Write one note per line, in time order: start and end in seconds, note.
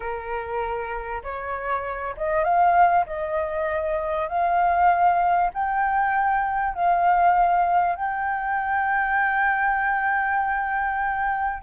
0.00 1.22 A#4
1.23 2.15 C#5
2.16 2.44 D#5
2.44 3.05 F5
3.06 4.28 D#5
4.28 5.50 F5
5.53 6.74 G5
6.74 7.95 F5
7.95 11.62 G5